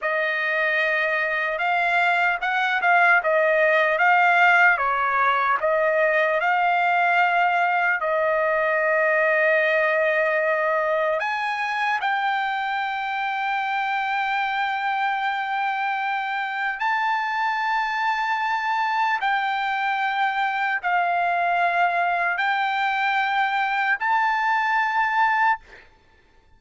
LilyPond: \new Staff \with { instrumentName = "trumpet" } { \time 4/4 \tempo 4 = 75 dis''2 f''4 fis''8 f''8 | dis''4 f''4 cis''4 dis''4 | f''2 dis''2~ | dis''2 gis''4 g''4~ |
g''1~ | g''4 a''2. | g''2 f''2 | g''2 a''2 | }